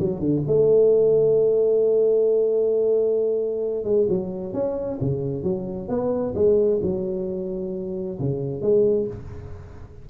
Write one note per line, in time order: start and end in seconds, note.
0.00 0.20 F#3
0.20 0.43 D3
0.47 3.85 A3
3.85 4.07 G#3
4.09 4.54 F#3
4.54 4.99 C#4
5.01 5.43 C#3
5.43 5.89 F#3
5.89 6.34 B3
6.35 6.81 G#3
6.83 8.19 F#3
8.20 8.62 C#3
8.62 9.07 G#3